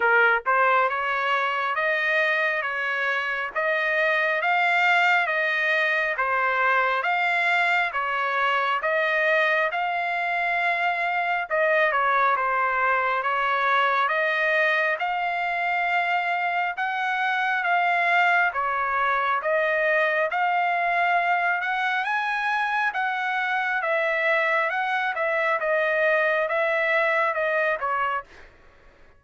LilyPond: \new Staff \with { instrumentName = "trumpet" } { \time 4/4 \tempo 4 = 68 ais'8 c''8 cis''4 dis''4 cis''4 | dis''4 f''4 dis''4 c''4 | f''4 cis''4 dis''4 f''4~ | f''4 dis''8 cis''8 c''4 cis''4 |
dis''4 f''2 fis''4 | f''4 cis''4 dis''4 f''4~ | f''8 fis''8 gis''4 fis''4 e''4 | fis''8 e''8 dis''4 e''4 dis''8 cis''8 | }